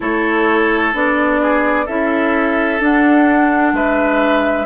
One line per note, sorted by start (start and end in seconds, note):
0.00 0.93 A3
0.00 0.93 E4
0.00 1.41 A4
0.00 0.94 C#5
0.93 1.87 B3
0.93 1.87 D4
0.93 1.87 D5
1.42 1.85 G#4
1.85 2.80 C#4
1.85 2.80 E4
1.85 3.73 A4
1.85 2.81 E5
2.80 4.66 D4
2.80 3.72 D4
2.80 3.76 F#5
3.72 4.66 G#3
3.72 4.66 B4
3.72 4.66 E5